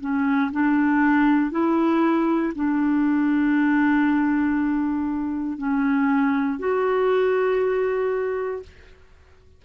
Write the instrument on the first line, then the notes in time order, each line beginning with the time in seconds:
clarinet
0.00 C#4
0.52 D4
1.51 E4
2.55 D4
5.57 C#4
6.59 F#4